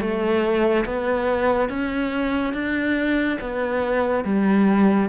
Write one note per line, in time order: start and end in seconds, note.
0.00 0.85 A3
0.85 1.69 B3
1.69 2.54 C#4
2.54 3.38 D4
3.40 4.24 B3
4.24 5.09 G3